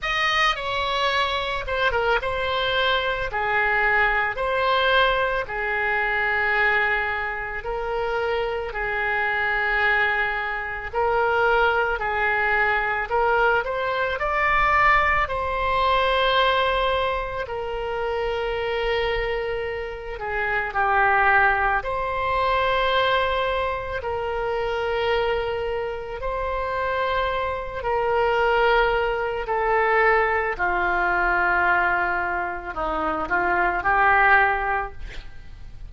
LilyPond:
\new Staff \with { instrumentName = "oboe" } { \time 4/4 \tempo 4 = 55 dis''8 cis''4 c''16 ais'16 c''4 gis'4 | c''4 gis'2 ais'4 | gis'2 ais'4 gis'4 | ais'8 c''8 d''4 c''2 |
ais'2~ ais'8 gis'8 g'4 | c''2 ais'2 | c''4. ais'4. a'4 | f'2 dis'8 f'8 g'4 | }